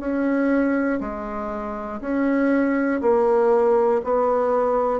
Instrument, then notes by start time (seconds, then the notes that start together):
bassoon
0.00 C#4
1.00 G#3
2.00 C#4
3.01 A#3
4.04 B3